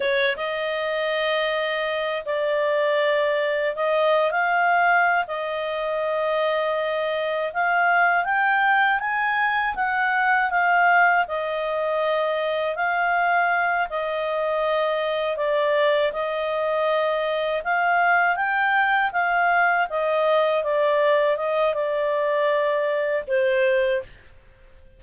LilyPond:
\new Staff \with { instrumentName = "clarinet" } { \time 4/4 \tempo 4 = 80 cis''8 dis''2~ dis''8 d''4~ | d''4 dis''8. f''4~ f''16 dis''4~ | dis''2 f''4 g''4 | gis''4 fis''4 f''4 dis''4~ |
dis''4 f''4. dis''4.~ | dis''8 d''4 dis''2 f''8~ | f''8 g''4 f''4 dis''4 d''8~ | d''8 dis''8 d''2 c''4 | }